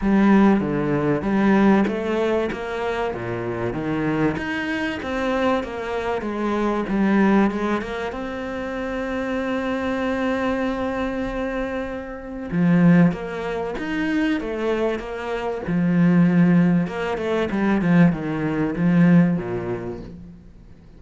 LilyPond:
\new Staff \with { instrumentName = "cello" } { \time 4/4 \tempo 4 = 96 g4 d4 g4 a4 | ais4 ais,4 dis4 dis'4 | c'4 ais4 gis4 g4 | gis8 ais8 c'2.~ |
c'1 | f4 ais4 dis'4 a4 | ais4 f2 ais8 a8 | g8 f8 dis4 f4 ais,4 | }